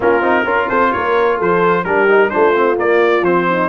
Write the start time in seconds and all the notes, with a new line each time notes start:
0.00 A#3 C#4 F4 A#4
0.20 C4 D#4
0.44 C#4 F4 A#4
0.68 C4 A4 C5
0.92 A#3 A#4 C#5
1.37 F3 A4 C5
1.84 G3 D4 G4 A#4
2.08 D#4
2.29 A3 D4 F4 C5
2.54 C4
2.76 A#3 D5
3.21 F3 C4 C5
3.48 D#4